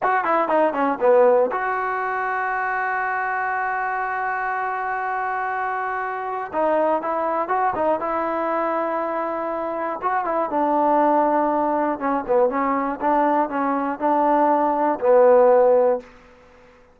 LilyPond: \new Staff \with { instrumentName = "trombone" } { \time 4/4 \tempo 4 = 120 fis'8 e'8 dis'8 cis'8 b4 fis'4~ | fis'1~ | fis'1~ | fis'4 dis'4 e'4 fis'8 dis'8 |
e'1 | fis'8 e'8 d'2. | cis'8 b8 cis'4 d'4 cis'4 | d'2 b2 | }